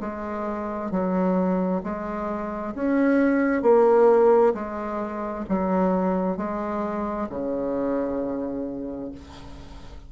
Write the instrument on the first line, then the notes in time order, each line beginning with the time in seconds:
bassoon
0.00 G#3
0.91 F#3
1.83 G#3
2.74 C#4
3.62 A#3
4.54 G#3
5.49 F#3
6.37 G#3
7.29 C#3